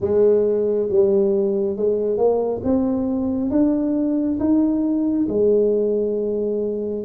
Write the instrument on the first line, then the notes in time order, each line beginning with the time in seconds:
tuba
0.00 G#3
0.89 G3
1.76 G#3
2.17 A#3
2.63 C4
3.50 D4
4.39 D#4
5.28 G#3